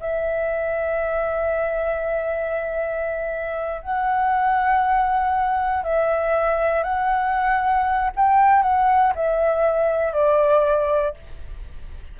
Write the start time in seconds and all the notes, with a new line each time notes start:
0.00 E5
3.82 F#5
5.84 E5
6.83 F#5
8.16 G5
8.62 F#5
9.15 E5
10.13 D5